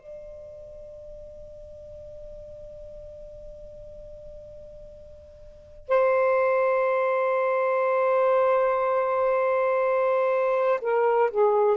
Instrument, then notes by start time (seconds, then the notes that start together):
saxophone
0.00 D5
5.89 C5
10.82 A#4
11.31 G#4